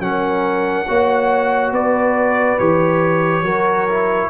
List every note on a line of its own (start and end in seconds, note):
0.00 0.86 F#3
0.00 0.87 C#4
0.00 0.88 A#4
0.00 1.73 F#5
0.88 1.72 A#3
0.88 2.59 F#4
0.88 1.73 C#5
1.72 2.58 B3
1.72 3.44 B4
1.72 2.59 D5
2.59 3.43 E3
2.59 3.45 G4
2.59 4.31 C#5
3.43 4.29 F#3
3.43 3.88 F#4
3.43 4.30 A#4
3.90 4.31 E4